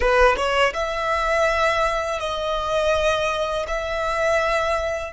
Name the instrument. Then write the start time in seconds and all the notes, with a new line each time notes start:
violin
0.00 B4
0.36 C#5
0.73 E5
2.20 D#5
3.67 E5